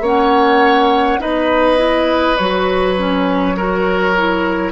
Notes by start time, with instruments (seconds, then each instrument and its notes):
0.00 bassoon A#3, clarinet C#4, oboe C#5, flute F#5
1.20 bassoon B3, clarinet D#4, oboe B4, flute D#5
1.77 clarinet E4
2.37 bassoon F#3, clarinet F#4, flute C#5
2.98 clarinet C#4
3.57 clarinet F#4, oboe A#4
4.17 clarinet E4